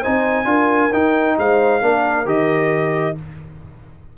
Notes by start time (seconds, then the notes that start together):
0.00 C4 D#4 C5 G#5
0.44 D4 F4 A#4
0.92 D#4 G5
1.37 G#3 C5 F5
1.81 A#3 D4 A#4
2.25 D#3 G4 D#5